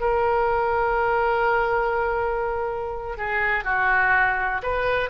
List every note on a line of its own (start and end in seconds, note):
0.00 3.17 A#4
3.17 3.64 G#4
3.64 4.61 F#4
4.62 5.10 B4